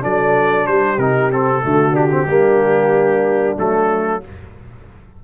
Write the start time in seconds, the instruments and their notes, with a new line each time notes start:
0.00 tuba F#3, trombone D4, horn A4, trumpet D5
0.66 tuba G3, horn G4, trumpet C5
0.98 tuba C3, trombone D#4, trumpet A#4
1.31 trombone C4, trumpet A4
1.62 tuba D3, trombone A3, horn F#4
1.92 trombone D4, trumpet G4
2.10 trombone C4
2.26 tuba G3, trombone A#3, horn D4
3.56 tuba F#3, trombone A3, trumpet A4